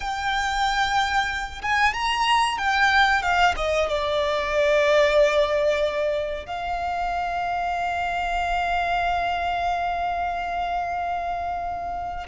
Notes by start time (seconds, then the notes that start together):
0.00 G5
1.61 G#5
1.93 A#5
2.58 G5
3.22 F5
3.56 D#5
3.88 D5
6.45 F5